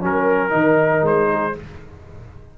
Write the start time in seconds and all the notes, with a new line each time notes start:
0.00 F#3 C#4 A#4
0.49 D#3 D#4
1.02 G#3 C5
1.30 G#4